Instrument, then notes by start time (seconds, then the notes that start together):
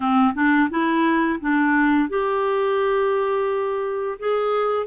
clarinet
0.00 C4
0.34 D4
0.70 E4
1.40 D4
2.09 G4
4.19 G#4